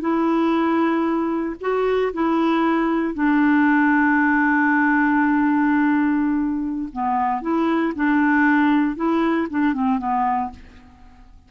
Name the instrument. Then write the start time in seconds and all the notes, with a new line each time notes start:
clarinet
0.00 E4
1.60 F#4
2.13 E4
3.13 D4
6.92 B3
7.41 E4
7.95 D4
8.96 E4
9.50 D4
9.73 C4
9.98 B3